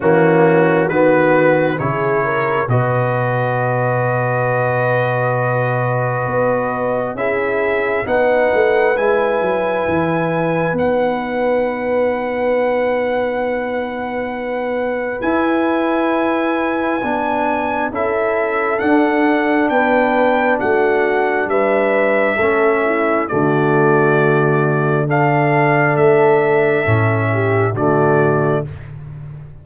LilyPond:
<<
  \new Staff \with { instrumentName = "trumpet" } { \time 4/4 \tempo 4 = 67 fis'4 b'4 cis''4 dis''4~ | dis''1 | e''4 fis''4 gis''2 | fis''1~ |
fis''4 gis''2. | e''4 fis''4 g''4 fis''4 | e''2 d''2 | f''4 e''2 d''4 | }
  \new Staff \with { instrumentName = "horn" } { \time 4/4 cis'4 fis'4 gis'8 ais'8 b'4~ | b'1 | gis'4 b'2.~ | b'1~ |
b'1 | a'2 b'4 fis'4 | b'4 a'8 e'8 fis'2 | a'2~ a'8 g'8 fis'4 | }
  \new Staff \with { instrumentName = "trombone" } { \time 4/4 ais4 b4 e'4 fis'4~ | fis'1 | e'4 dis'4 e'2 | dis'1~ |
dis'4 e'2 d'4 | e'4 d'2.~ | d'4 cis'4 a2 | d'2 cis'4 a4 | }
  \new Staff \with { instrumentName = "tuba" } { \time 4/4 e4 dis4 cis4 b,4~ | b,2. b4 | cis'4 b8 a8 gis8 fis8 e4 | b1~ |
b4 e'2 b4 | cis'4 d'4 b4 a4 | g4 a4 d2~ | d4 a4 a,4 d4 | }
>>